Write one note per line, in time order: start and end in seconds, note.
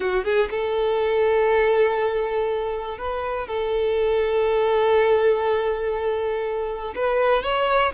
0.00 0.24 F#4
0.24 0.49 G#4
0.50 2.98 A4
2.98 3.47 B4
3.47 6.94 A4
6.95 7.43 B4
7.43 7.92 C#5